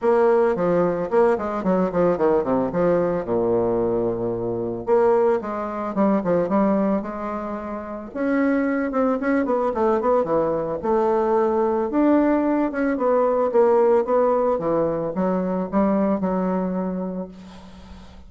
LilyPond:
\new Staff \with { instrumentName = "bassoon" } { \time 4/4 \tempo 4 = 111 ais4 f4 ais8 gis8 fis8 f8 | dis8 c8 f4 ais,2~ | ais,4 ais4 gis4 g8 f8 | g4 gis2 cis'4~ |
cis'8 c'8 cis'8 b8 a8 b8 e4 | a2 d'4. cis'8 | b4 ais4 b4 e4 | fis4 g4 fis2 | }